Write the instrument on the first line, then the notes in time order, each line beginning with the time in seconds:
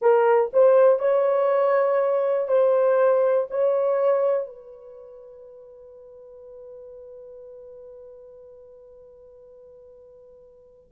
horn
0.01 A#4
0.53 C5
0.99 C#5
2.48 C5
3.50 C#5
4.46 B4